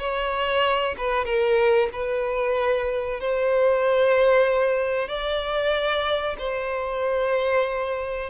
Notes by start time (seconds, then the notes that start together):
0.00 C#5
0.98 B4
1.26 A#4
1.93 B4
3.21 C5
5.09 D5
6.39 C5